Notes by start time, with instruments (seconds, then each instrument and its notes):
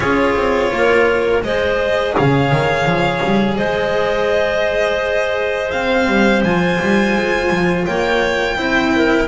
0.00 double bass C#4, cello F4, clarinet G#4, violin C#5
0.35 double bass C4
0.71 double bass A#3, clarinet A#4
1.42 double bass G#3, cello G#4, clarinet C5, violin D#5
2.15 double bass C#3, clarinet C#5, violin F5
2.52 double bass D#3
2.85 double bass F3
3.24 double bass G3
3.57 double bass G#3, clarinet C5, violin D#5
5.71 cello C4, violin F5
6.07 double bass G3
6.43 double bass F3, cello F4, violin G#5
6.81 double bass G3
7.15 double bass G#3
7.50 double bass F3
7.85 double bass A#3, clarinet C#5, violin G5
8.56 double bass C4, cello E4, clarinet C5
8.95 clarinet A#4